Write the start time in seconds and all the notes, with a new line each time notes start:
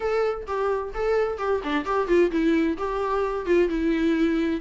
0.00 A4
0.47 G4
0.93 A4
1.38 G4
1.63 D4
1.85 G4
2.07 F4
2.31 E4
2.77 G4
3.46 F4
3.68 E4